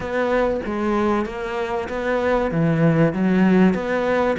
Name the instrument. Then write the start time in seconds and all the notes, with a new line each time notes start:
cello
0.00 B3
0.65 G#3
1.25 A#3
1.89 B3
2.51 E3
3.12 F#3
3.73 B3